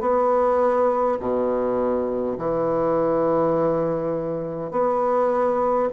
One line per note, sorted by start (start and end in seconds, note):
0.00 1.18 B3
1.20 2.37 B2
2.38 4.71 E3
4.71 5.89 B3